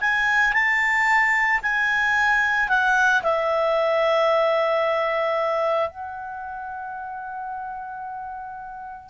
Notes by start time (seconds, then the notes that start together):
0.00 G#5
0.53 A5
1.62 G#5
2.68 F#5
3.22 E5
5.89 F#5